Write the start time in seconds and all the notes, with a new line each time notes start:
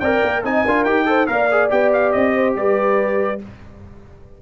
0.00 C4 A#4 D5 G5
0.23 A#3
0.44 C4 D#4 D#5 G#5
0.65 D4 F4 A#4
0.84 D#4 G4 G5
1.06 A4 C5
1.27 A#3 A#4 D5 F5
1.51 G#4
1.70 B3 G4 G5
1.93 F5
2.12 C4 D#5
2.35 C5
2.56 G3 B4 D5